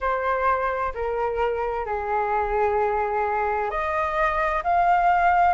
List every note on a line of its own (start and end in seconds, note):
0.00 0.93 C5
0.94 1.85 A#4
1.85 3.70 G#4
3.70 4.62 D#5
4.63 5.54 F5